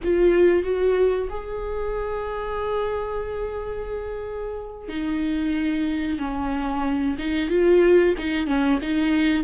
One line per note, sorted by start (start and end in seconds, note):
0.03 0.63 F4
0.63 1.28 F#4
1.29 4.88 G#4
4.88 6.18 D#4
6.18 7.16 C#4
7.18 7.49 D#4
7.49 8.14 F4
8.18 8.46 D#4
8.46 8.79 C#4
8.82 9.43 D#4